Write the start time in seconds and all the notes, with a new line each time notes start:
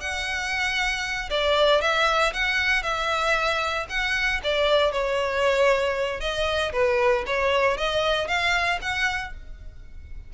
0.00 F#5
1.30 D5
1.81 E5
2.33 F#5
2.83 E5
3.89 F#5
4.43 D5
4.92 C#5
6.20 D#5
6.72 B4
7.26 C#5
7.77 D#5
8.27 F5
8.81 F#5